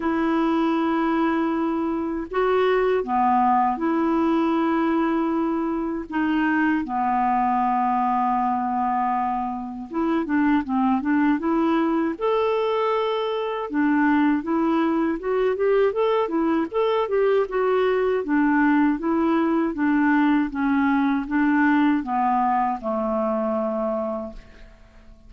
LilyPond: \new Staff \with { instrumentName = "clarinet" } { \time 4/4 \tempo 4 = 79 e'2. fis'4 | b4 e'2. | dis'4 b2.~ | b4 e'8 d'8 c'8 d'8 e'4 |
a'2 d'4 e'4 | fis'8 g'8 a'8 e'8 a'8 g'8 fis'4 | d'4 e'4 d'4 cis'4 | d'4 b4 a2 | }